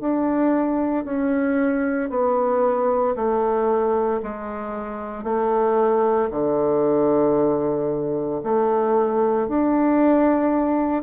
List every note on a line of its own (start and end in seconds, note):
0.00 1.04 D4
1.04 2.10 C#4
2.10 3.15 B3
3.16 4.21 A3
4.22 5.24 G#3
5.24 6.29 A3
6.31 8.41 D3
8.43 9.48 A3
9.48 11.03 D4